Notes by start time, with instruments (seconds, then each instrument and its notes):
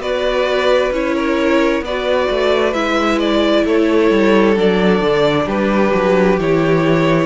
0.00 cello B3, viola F#4, violin B4 D5
0.92 cello C#4, viola E4, violin C#5
1.16 violin A#4
1.82 cello B3, violin B4 D5
1.89 viola F#4
2.31 cello A3
2.74 cello G#3, viola E4, violin E5
3.20 violin D5
3.66 cello A3, violin A4 C#5
4.11 cello G3
4.57 cello F#3, viola D4, violin D5
5.01 cello D3
5.46 cello G3, violin G4 B4
5.95 cello F#3
6.39 cello E3, viola E4, violin C#5